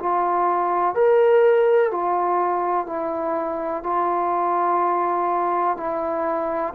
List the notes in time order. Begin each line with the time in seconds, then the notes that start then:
0.00 F4
0.95 A#4
1.91 F4
2.86 E4
3.84 F4
5.77 E4